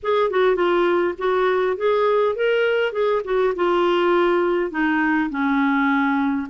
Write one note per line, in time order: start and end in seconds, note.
0.02 0.30 G#4
0.30 0.55 F#4
0.55 1.14 F4
1.17 1.76 F#4
1.76 2.35 G#4
2.35 2.92 A#4
2.92 3.21 G#4
3.24 3.53 F#4
3.55 4.71 F4
4.71 5.29 D#4
5.29 6.47 C#4